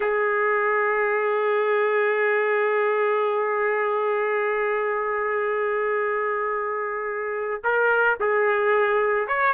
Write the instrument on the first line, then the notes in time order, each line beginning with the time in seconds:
trumpet
0.00 G#4
7.64 A#4
8.20 G#4
9.27 C#5